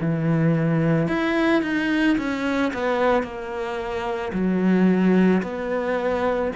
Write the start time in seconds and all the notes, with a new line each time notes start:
0.00 E3
1.08 E4
1.62 D#4
2.17 C#4
2.73 B3
3.22 A#3
4.32 F#3
5.42 B3